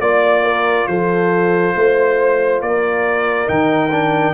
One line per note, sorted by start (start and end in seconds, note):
0.00 0.87 A#3
0.00 3.46 F4
0.00 0.87 D5
0.00 0.44 D5
0.44 0.87 A#4
0.87 1.74 F3
0.87 1.76 A4
0.87 2.61 C5
1.75 2.62 A3
1.75 2.63 C5
2.62 3.49 A#3
2.62 4.33 A#4
2.62 3.49 D5
3.46 4.33 D#3
3.46 3.89 D#4
3.46 4.33 G5
3.91 4.33 D4